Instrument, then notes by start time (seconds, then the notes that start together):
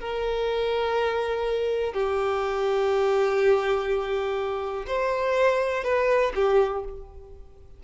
violin
0.00 A#4
1.93 G4
4.87 C5
5.84 B4
6.35 G4